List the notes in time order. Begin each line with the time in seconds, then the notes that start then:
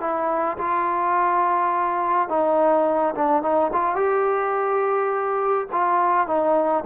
0.00 E4
0.58 F4
2.29 D#4
3.15 D4
3.42 D#4
3.73 F4
3.96 G4
5.72 F4
6.27 D#4